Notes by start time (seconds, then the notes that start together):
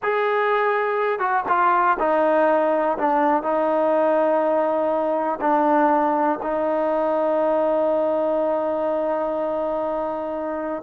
0.02 G#4
1.19 F#4
1.48 F4
1.99 D#4
2.98 D4
3.42 D#4
5.40 D4
6.42 D#4